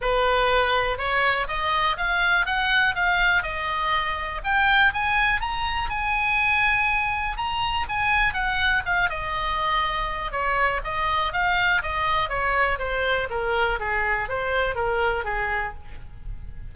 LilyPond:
\new Staff \with { instrumentName = "oboe" } { \time 4/4 \tempo 4 = 122 b'2 cis''4 dis''4 | f''4 fis''4 f''4 dis''4~ | dis''4 g''4 gis''4 ais''4 | gis''2. ais''4 |
gis''4 fis''4 f''8 dis''4.~ | dis''4 cis''4 dis''4 f''4 | dis''4 cis''4 c''4 ais'4 | gis'4 c''4 ais'4 gis'4 | }